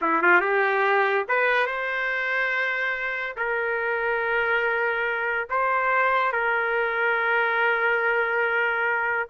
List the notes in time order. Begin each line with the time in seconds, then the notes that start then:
0.01 E4
0.22 F4
0.41 G4
1.28 B4
1.66 C5
3.36 A#4
5.49 C5
6.32 A#4